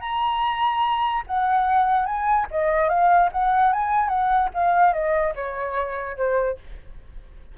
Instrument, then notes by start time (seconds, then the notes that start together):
flute
0.00 A#5
1.27 F#5
2.05 G#5
2.51 D#5
2.89 F5
3.32 F#5
3.72 G#5
4.08 F#5
4.54 F5
4.93 D#5
5.35 C#5
6.17 C5